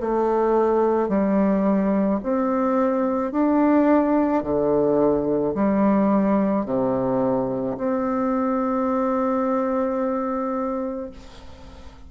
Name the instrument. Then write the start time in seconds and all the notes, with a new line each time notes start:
bassoon
0.00 A3
1.08 G3
2.23 C4
3.31 D4
4.43 D3
5.55 G3
6.65 C3
7.77 C4